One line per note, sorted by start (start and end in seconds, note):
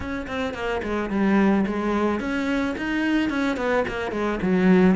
0.00 0.27 C#4
0.27 0.54 C4
0.54 0.81 A#3
0.83 1.10 G#3
1.10 1.65 G3
1.66 2.20 G#3
2.20 2.75 C#4
2.77 3.29 D#4
3.29 3.57 C#4
3.57 3.84 B3
3.88 4.11 A#3
4.11 4.39 G#3
4.42 4.95 F#3